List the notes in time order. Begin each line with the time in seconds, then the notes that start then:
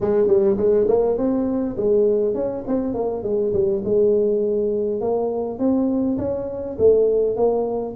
0.01 G#3
0.27 G3
0.57 G#3
0.88 A#3
1.17 C4
1.76 G#3
2.34 C#4
2.67 C4
2.94 A#3
3.23 G#3
3.53 G3
3.84 G#3
5.00 A#3
5.58 C4
6.18 C#4
6.78 A3
7.36 A#3